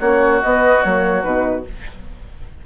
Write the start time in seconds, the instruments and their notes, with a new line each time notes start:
0.00 bassoon A#3, horn C#4, oboe F#4, flute C#5
0.42 bassoon B3, horn B3, flute D#5
0.83 bassoon F#3, horn A#3, flute C#5
1.23 bassoon B2, horn D#4, flute B4